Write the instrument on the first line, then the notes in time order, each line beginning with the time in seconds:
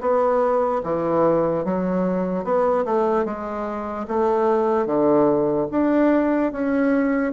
bassoon
0.00 B3
0.83 E3
1.64 F#3
2.44 B3
2.85 A3
3.25 G#3
4.07 A3
4.86 D3
5.71 D4
6.52 C#4